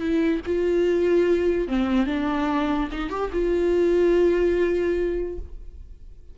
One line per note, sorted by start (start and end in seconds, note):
0.00 0.41 E4
0.46 1.68 F4
1.68 2.07 C4
2.07 2.89 D4
2.92 3.10 D#4
3.10 3.31 G4
3.33 5.39 F4